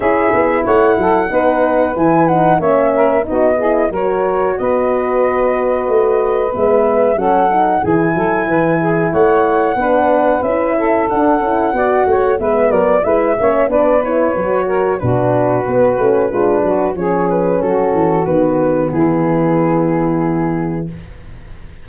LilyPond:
<<
  \new Staff \with { instrumentName = "flute" } { \time 4/4 \tempo 4 = 92 e''4 fis''2 gis''8 fis''8 | e''4 dis''4 cis''4 dis''4~ | dis''2 e''4 fis''4 | gis''2 fis''2 |
e''4 fis''2 e''8 d''8 | e''4 d''8 cis''4. b'4~ | b'2 cis''8 b'8 a'4 | b'4 gis'2. | }
  \new Staff \with { instrumentName = "saxophone" } { \time 4/4 gis'4 cis''8 a'8 b'2 | cis''8 ais'8 fis'8 gis'8 ais'4 b'4~ | b'2. a'4 | gis'8 a'8 b'8 gis'8 cis''4 b'4~ |
b'8 a'4. d''8 cis''8 b'8 ais'8 | b'8 cis''8 b'4. ais'8 fis'4~ | fis'4 f'8 fis'8 gis'4 fis'4~ | fis'4 e'2. | }
  \new Staff \with { instrumentName = "horn" } { \time 4/4 e'2 dis'4 e'8 dis'8 | cis'4 dis'8 e'8 fis'2~ | fis'2 b4 cis'8 dis'8 | e'2. d'4 |
e'4 d'8 e'8 fis'4 b4 | e'8 cis'8 d'8 e'8 fis'4 d'4 | b8 cis'8 d'4 cis'2 | b1 | }
  \new Staff \with { instrumentName = "tuba" } { \time 4/4 cis'8 b8 a8 fis8 b4 e4 | ais4 b4 fis4 b4~ | b4 a4 gis4 fis4 | e8 fis8 e4 a4 b4 |
cis'4 d'8 cis'8 b8 a8 gis8 fis8 | gis8 ais8 b4 fis4 b,4 | b8 a8 gis8 fis8 f4 fis8 e8 | dis4 e2. | }
>>